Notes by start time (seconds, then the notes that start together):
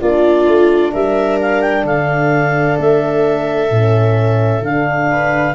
0.00 A#3 D4 F4 D5
0.47 A3
0.92 G3 A#4 E5
1.40 F5
1.61 G5
1.83 D3 A4 F5
2.78 A3 E5
3.70 A2 C#4
4.61 D3 D4 F5
5.10 B4